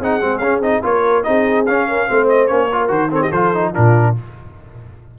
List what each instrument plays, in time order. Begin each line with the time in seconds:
0.00 tuba C4, trombone D#4, horn G#4, trumpet F#5
0.20 tuba G#3, trombone C4
0.38 tuba C#4, trombone C#4, trumpet F5
0.60 tuba C4, trombone D#4, trumpet D#5
0.83 tuba A#3, trombone F4, horn A#4, trumpet C#5
1.23 tuba C4, trombone D#4, horn G#4, trumpet D#5
1.66 tuba C#4, trombone C#4, trumpet F5
1.88 horn A#4
2.07 tuba A3, trombone C4, horn C5
2.29 trumpet D#5
2.47 tuba A#3, trombone C#4, trumpet C#5
2.72 trombone F4, horn A#4
2.88 tuba D#3, trombone F#4, trumpet C5
3.10 trombone C4, horn A4, trumpet C#5
3.21 horn G4, trumpet D#5
3.31 tuba F3, trombone F4, horn A4, trumpet C5
3.54 trombone D#4
3.72 tuba A#2, trombone D4, horn F4, trumpet A#4